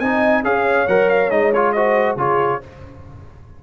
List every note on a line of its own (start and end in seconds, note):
0.00 0.43 C4
0.00 0.44 D#4
0.00 0.46 D#5
0.00 0.43 G#5
0.43 0.86 C#4
0.43 0.87 G#4
0.43 1.75 C#5
0.43 0.88 F5
0.88 1.31 F#3
0.88 1.31 A#4
0.88 1.09 F#5
1.09 1.31 F5
1.31 2.16 G#3
1.31 1.53 D#4
1.31 1.53 D#5
1.54 1.76 F4
1.54 1.72 C#5
1.72 2.18 F#4
1.72 2.18 C5
1.72 2.16 D#5
2.16 2.60 C#3
2.16 2.61 F4
2.16 2.62 G#4
2.16 2.63 C#5